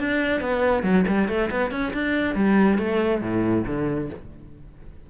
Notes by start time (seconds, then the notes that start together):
0.00 D4
0.41 B3
0.83 F#3
1.08 G3
1.29 A3
1.51 B3
1.71 C#4
1.94 D4
2.35 G3
2.79 A3
3.22 A2
3.67 D3